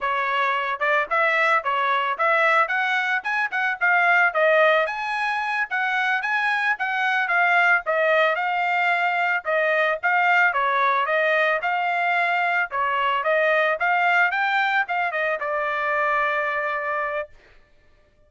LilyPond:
\new Staff \with { instrumentName = "trumpet" } { \time 4/4 \tempo 4 = 111 cis''4. d''8 e''4 cis''4 | e''4 fis''4 gis''8 fis''8 f''4 | dis''4 gis''4. fis''4 gis''8~ | gis''8 fis''4 f''4 dis''4 f''8~ |
f''4. dis''4 f''4 cis''8~ | cis''8 dis''4 f''2 cis''8~ | cis''8 dis''4 f''4 g''4 f''8 | dis''8 d''2.~ d''8 | }